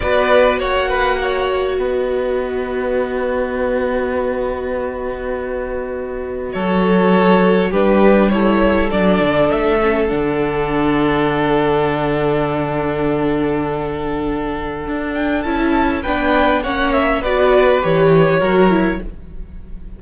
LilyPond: <<
  \new Staff \with { instrumentName = "violin" } { \time 4/4 \tempo 4 = 101 d''4 fis''2 dis''4~ | dis''1~ | dis''2. cis''4~ | cis''4 b'4 cis''4 d''4 |
e''4 fis''2.~ | fis''1~ | fis''4. g''8 a''4 g''4 | fis''8 e''8 d''4 cis''2 | }
  \new Staff \with { instrumentName = "violin" } { \time 4/4 b'4 cis''8 b'8 cis''4 b'4~ | b'1~ | b'2. a'4~ | a'4 g'4 a'2~ |
a'1~ | a'1~ | a'2. b'4 | cis''4 b'2 ais'4 | }
  \new Staff \with { instrumentName = "viola" } { \time 4/4 fis'1~ | fis'1~ | fis'1~ | fis'4 d'4 e'4 d'4~ |
d'8 cis'8 d'2.~ | d'1~ | d'2 e'4 d'4 | cis'4 fis'4 g'4 fis'8 e'8 | }
  \new Staff \with { instrumentName = "cello" } { \time 4/4 b4 ais2 b4~ | b1~ | b2. fis4~ | fis4 g2 fis8 d8 |
a4 d2.~ | d1~ | d4 d'4 cis'4 b4 | ais4 b4 e4 fis4 | }
>>